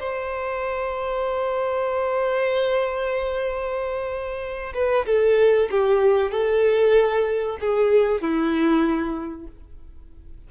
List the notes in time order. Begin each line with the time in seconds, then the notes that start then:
0.00 C5
4.75 B4
5.06 A4
5.71 G4
6.32 A4
7.61 G#4
8.22 E4